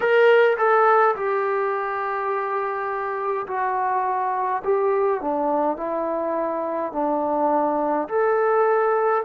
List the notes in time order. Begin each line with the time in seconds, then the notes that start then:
0.00 A#4
0.57 A4
1.15 G4
3.47 F#4
4.64 G4
5.21 D4
5.76 E4
6.92 D4
8.08 A4